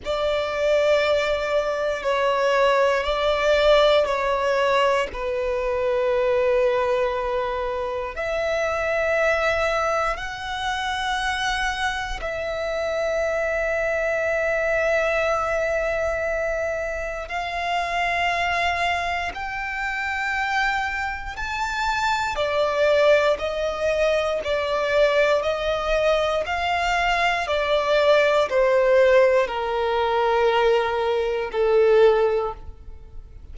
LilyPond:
\new Staff \with { instrumentName = "violin" } { \time 4/4 \tempo 4 = 59 d''2 cis''4 d''4 | cis''4 b'2. | e''2 fis''2 | e''1~ |
e''4 f''2 g''4~ | g''4 a''4 d''4 dis''4 | d''4 dis''4 f''4 d''4 | c''4 ais'2 a'4 | }